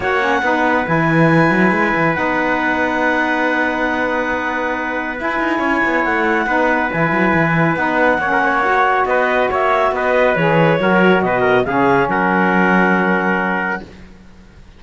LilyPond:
<<
  \new Staff \with { instrumentName = "clarinet" } { \time 4/4 \tempo 4 = 139 fis''2 gis''2~ | gis''4 fis''2.~ | fis''1 | gis''2 fis''2 |
gis''2 fis''2~ | fis''4 dis''4 e''4 dis''4 | cis''2 dis''4 f''4 | fis''1 | }
  \new Staff \with { instrumentName = "trumpet" } { \time 4/4 cis''4 b'2.~ | b'1~ | b'1~ | b'4 cis''2 b'4~ |
b'2. cis''16 ais'16 cis''8~ | cis''4 b'4 cis''4 b'4~ | b'4 ais'4 b'8 ais'8 gis'4 | ais'1 | }
  \new Staff \with { instrumentName = "saxophone" } { \time 4/4 fis'8 cis'8 dis'4 e'2~ | e'4 dis'2.~ | dis'1 | e'2. dis'4 |
e'2 dis'4 cis'4 | fis'1 | gis'4 fis'2 cis'4~ | cis'1 | }
  \new Staff \with { instrumentName = "cello" } { \time 4/4 ais4 b4 e4. fis8 | gis8 e8 b2.~ | b1 | e'8 dis'8 cis'8 b8 a4 b4 |
e8 fis8 e4 b4 ais4~ | ais4 b4 ais4 b4 | e4 fis4 b,4 cis4 | fis1 | }
>>